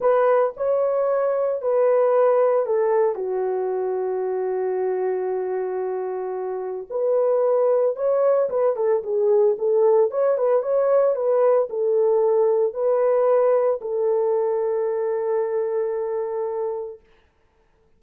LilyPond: \new Staff \with { instrumentName = "horn" } { \time 4/4 \tempo 4 = 113 b'4 cis''2 b'4~ | b'4 a'4 fis'2~ | fis'1~ | fis'4 b'2 cis''4 |
b'8 a'8 gis'4 a'4 cis''8 b'8 | cis''4 b'4 a'2 | b'2 a'2~ | a'1 | }